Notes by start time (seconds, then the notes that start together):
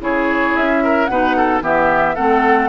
0.00 C#3 E4 G#4 C#5
0.56 C#4 E5
0.83 A#4
1.05 B2 D#4 B4 F#5
1.36 A4
1.61 E3 B3 G4 E5
2.15 A3 C4 A4 F#5